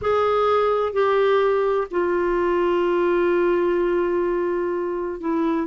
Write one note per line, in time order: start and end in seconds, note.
0.01 0.93 G#4
0.93 1.87 G4
1.90 5.20 F4
5.20 5.67 E4